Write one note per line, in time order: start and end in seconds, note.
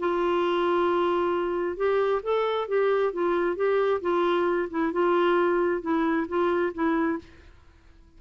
0.00 1.77 F4
1.77 2.22 G4
2.23 2.68 A4
2.68 3.13 G4
3.13 3.56 F4
3.56 4.01 G4
4.02 4.69 F4
4.70 4.93 E4
4.93 5.82 F4
5.82 6.27 E4
6.28 6.73 F4
6.74 7.19 E4